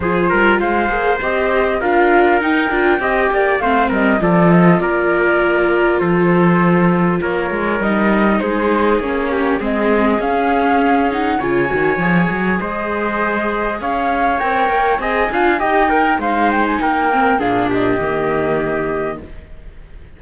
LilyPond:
<<
  \new Staff \with { instrumentName = "flute" } { \time 4/4 \tempo 4 = 100 c''4 f''4 dis''4 f''4 | g''2 f''8 dis''8 d''8 dis''8 | d''2 c''2 | cis''4 dis''4 c''4 cis''4 |
dis''4 f''4. fis''8 gis''4~ | gis''4 dis''2 f''4 | g''4 gis''4 g''4 f''8 g''16 gis''16 | g''4 f''8 dis''2~ dis''8 | }
  \new Staff \with { instrumentName = "trumpet" } { \time 4/4 gis'8 ais'8 c''2 ais'4~ | ais'4 dis''8 d''8 c''8 ais'8 a'4 | ais'2 a'2 | ais'2 gis'4. g'8 |
gis'2. cis''4~ | cis''4 c''2 cis''4~ | cis''4 dis''8 f''8 dis''8 ais'8 c''4 | ais'4 gis'8 g'2~ g'8 | }
  \new Staff \with { instrumentName = "viola" } { \time 4/4 f'4. gis'8 g'4 f'4 | dis'8 f'8 g'4 c'4 f'4~ | f'1~ | f'4 dis'2 cis'4 |
c'4 cis'4. dis'8 f'8 fis'8 | gis'1 | ais'4 gis'8 f'8 g'8 ais'8 dis'4~ | dis'8 c'8 d'4 ais2 | }
  \new Staff \with { instrumentName = "cello" } { \time 4/4 f8 g8 gis8 ais8 c'4 d'4 | dis'8 d'8 c'8 ais8 a8 g8 f4 | ais2 f2 | ais8 gis8 g4 gis4 ais4 |
gis4 cis'2 cis8 dis8 | f8 fis8 gis2 cis'4 | c'8 ais8 c'8 d'8 dis'4 gis4 | ais4 ais,4 dis2 | }
>>